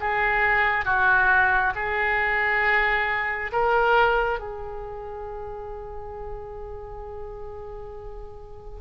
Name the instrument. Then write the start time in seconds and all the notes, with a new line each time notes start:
oboe
0.00 G#4
0.85 F#4
1.75 G#4
3.52 A#4
4.39 G#4